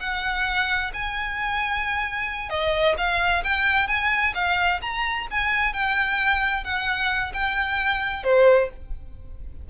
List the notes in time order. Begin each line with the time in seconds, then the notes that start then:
0.00 F#5
0.93 G#5
2.49 D#5
2.98 F5
3.44 G5
3.88 G#5
4.34 F5
4.82 A#5
5.31 G#5
5.73 G5
6.64 F#5
7.34 G5
8.24 C5